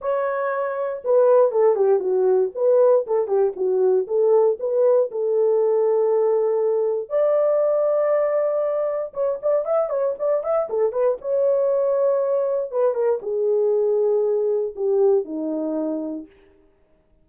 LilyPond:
\new Staff \with { instrumentName = "horn" } { \time 4/4 \tempo 4 = 118 cis''2 b'4 a'8 g'8 | fis'4 b'4 a'8 g'8 fis'4 | a'4 b'4 a'2~ | a'2 d''2~ |
d''2 cis''8 d''8 e''8 cis''8 | d''8 e''8 a'8 b'8 cis''2~ | cis''4 b'8 ais'8 gis'2~ | gis'4 g'4 dis'2 | }